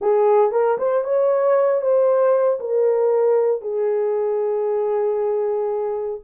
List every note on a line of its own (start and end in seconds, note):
0.01 0.51 G#4
0.51 0.77 A#4
0.78 1.03 C5
1.03 1.81 C#5
1.81 2.59 C5
2.60 3.61 A#4
3.61 6.20 G#4